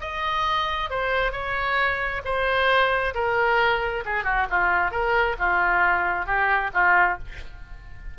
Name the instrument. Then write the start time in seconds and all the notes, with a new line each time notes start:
oboe
0.00 D#5
0.90 C5
1.32 C#5
2.24 C5
3.14 A#4
4.05 G#4
4.24 F#4
4.50 F4
4.91 A#4
5.39 F4
6.25 G4
6.73 F4